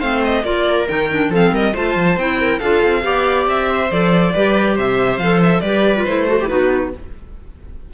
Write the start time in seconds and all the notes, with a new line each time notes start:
0.00 A3 C4 C5 F5
0.24 D#5
0.44 A#3 F4 A#4 D5
0.88 D#3 D#4 G5
1.11 D4
1.30 F3 C4 A4 F5
1.52 G3 A#4 D#5
1.74 A3 F4 C5 A5
1.96 F3
2.17 C4 E4 G5
2.41 A#4
2.60 D4 F4 A4 F5
2.84 C4
3.02 B3 G4 D5
3.47 C4 E5
3.70 C5
3.91 F3 A4 D5
4.34 G3 G4 B4
4.76 C3 C5 E5
5.18 F3 A4 F5
5.43 E5
5.61 G3 G4 B4 D5
5.96 F4
6.05 A3 E4 C5
6.28 F#4 A4
6.40 E4 G4
6.48 B3 D#4 F#4 B4